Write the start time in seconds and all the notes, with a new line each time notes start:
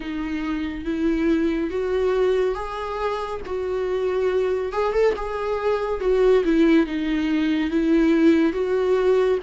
0.00 D#4
0.84 E4
1.70 F#4
2.54 G#4
3.46 F#4
4.72 G#4
4.92 A4
5.15 G#4
6.00 F#4
6.44 E4
6.86 D#4
7.70 E4
8.52 F#4